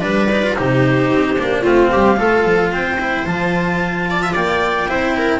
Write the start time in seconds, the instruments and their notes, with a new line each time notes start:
0.00 double bass G3, cello D4, viola B4, clarinet D5
0.31 cello D#4
0.42 cello F4
0.55 double bass C3, cello D#4, viola G4, clarinet C5
1.10 double bass C4
1.38 double bass A#3, cello D4
1.61 double bass A3, cello C4, viola F4, clarinet F5
1.91 double bass G3, viola G4
2.16 double bass A3, cello F4, viola A4
2.45 double bass F3
2.71 double bass C4, viola C5, clarinet G5
2.99 cello E4
3.25 double bass F3, cello F4, clarinet A5
4.09 viola D5
4.22 viola E5
4.33 double bass A#3, viola D5, clarinet G5
4.88 double bass C4, cello E4, viola C5
5.17 viola A#4